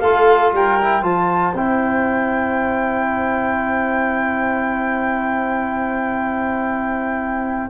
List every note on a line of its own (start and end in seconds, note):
0.00 0.53 A3
0.00 0.81 F4
0.00 0.52 A4
0.00 0.51 F5
0.53 1.02 G3
0.53 1.04 A#4
0.53 1.03 G5
0.81 1.02 E4
1.02 1.53 F3
1.02 1.54 F4
1.02 7.70 C5
1.02 1.55 A5
1.54 7.70 C4
1.54 7.70 E4
1.54 7.70 G5